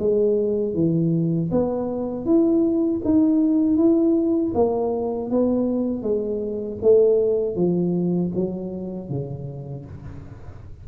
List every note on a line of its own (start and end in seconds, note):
0.00 0.75 G#3
0.75 1.51 E3
1.52 2.26 B3
2.26 3.02 E4
3.05 3.77 D#4
3.77 4.53 E4
4.55 5.31 A#3
5.31 6.03 B3
6.03 6.79 G#3
6.83 7.56 A3
7.56 8.32 F3
8.35 9.10 F#3
9.10 9.86 C#3